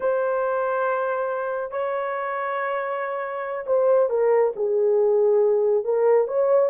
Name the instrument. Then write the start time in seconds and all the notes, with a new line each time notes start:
horn
0.00 C5
1.71 C#5
3.66 C5
4.09 A#4
4.56 G#4
5.84 A#4
6.27 C#5